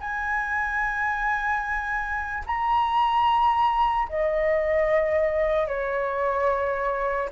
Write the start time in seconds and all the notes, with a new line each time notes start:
0.00 G#5
2.46 A#5
4.09 D#5
5.68 C#5